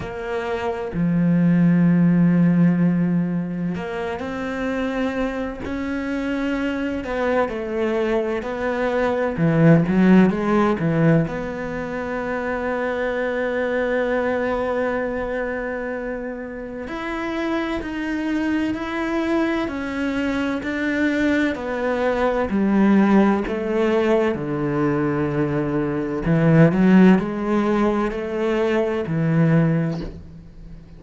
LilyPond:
\new Staff \with { instrumentName = "cello" } { \time 4/4 \tempo 4 = 64 ais4 f2. | ais8 c'4. cis'4. b8 | a4 b4 e8 fis8 gis8 e8 | b1~ |
b2 e'4 dis'4 | e'4 cis'4 d'4 b4 | g4 a4 d2 | e8 fis8 gis4 a4 e4 | }